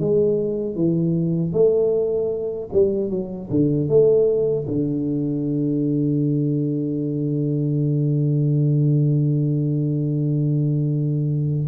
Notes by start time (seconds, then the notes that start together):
0.00 G#3
0.76 E3
1.53 A3
2.73 G3
3.10 F#3
3.51 D3
3.89 A3
4.68 D3